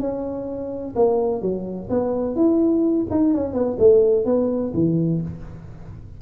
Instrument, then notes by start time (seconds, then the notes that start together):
tuba
0.00 C#4
0.96 A#3
1.42 F#3
1.90 B3
2.36 E4
3.11 D#4
3.34 C#4
3.53 B3
3.79 A3
4.25 B3
4.74 E3